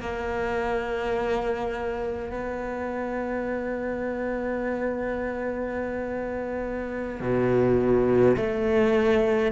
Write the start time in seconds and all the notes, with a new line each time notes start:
0.00 A#3
2.31 B3
7.20 B2
8.36 A3